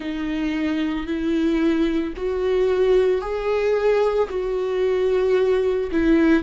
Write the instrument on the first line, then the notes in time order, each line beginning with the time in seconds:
viola
0.00 D#4
1.06 E4
2.16 F#4
3.21 G#4
4.29 F#4
5.91 E4